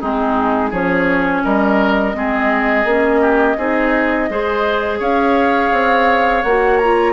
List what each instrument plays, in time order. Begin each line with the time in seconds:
0.00 bassoon G#3, clarinet C4, oboe D#4, flute G#4
0.70 bassoon F3, clarinet C#4, oboe G#4, flute C#5
1.43 bassoon G3, oboe A#4, flute D#5
2.13 bassoon G#3, clarinet C4, oboe G#4
2.84 bassoon A#3, clarinet C#4
3.21 oboe G4
3.57 bassoon C4, clarinet D#4, oboe G#4
4.29 bassoon G#3, clarinet G#4, oboe C5
4.99 bassoon C#4, oboe C#5, flute F5
5.72 bassoon C4
6.42 bassoon A#3, clarinet F#4, flute F#5
6.77 clarinet F4, flute A#5